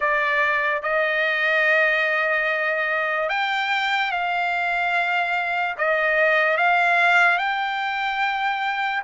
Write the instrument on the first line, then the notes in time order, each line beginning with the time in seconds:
trumpet
0.00 D5
0.82 D#5
3.29 G5
4.11 F5
5.77 D#5
6.57 F5
7.37 G5